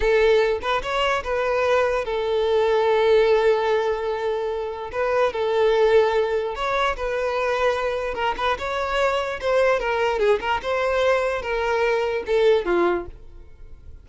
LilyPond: \new Staff \with { instrumentName = "violin" } { \time 4/4 \tempo 4 = 147 a'4. b'8 cis''4 b'4~ | b'4 a'2.~ | a'1 | b'4 a'2. |
cis''4 b'2. | ais'8 b'8 cis''2 c''4 | ais'4 gis'8 ais'8 c''2 | ais'2 a'4 f'4 | }